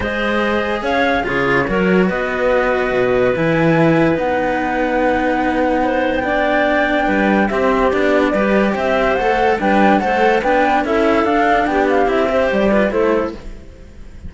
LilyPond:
<<
  \new Staff \with { instrumentName = "flute" } { \time 4/4 \tempo 4 = 144 dis''2 f''4 cis''4~ | cis''4 dis''2. | gis''2 fis''2~ | fis''2~ fis''8. g''4~ g''16~ |
g''2 e''4 d''4~ | d''4 e''4 fis''4 g''4 | fis''4 g''4 e''4 f''4 | g''8 f''8 e''4 d''4 c''4 | }
  \new Staff \with { instrumentName = "clarinet" } { \time 4/4 c''2 cis''4 gis'4 | ais'4 b'2.~ | b'1~ | b'2 c''4 d''4~ |
d''4 b'4 g'2 | b'4 c''2 b'4 | c''4 b'4 a'2 | g'4. c''4 b'8 a'4 | }
  \new Staff \with { instrumentName = "cello" } { \time 4/4 gis'2. f'4 | fis'1 | e'2 dis'2~ | dis'2. d'4~ |
d'2 c'4 d'4 | g'2 a'4 d'4 | a'4 d'4 e'4 d'4~ | d'4 e'8 g'4 f'8 e'4 | }
  \new Staff \with { instrumentName = "cello" } { \time 4/4 gis2 cis'4 cis4 | fis4 b2 b,4 | e2 b2~ | b1~ |
b4 g4 c'4 b4 | g4 c'4 a4 g4 | a4 b4 cis'4 d'4 | b4 c'4 g4 a4 | }
>>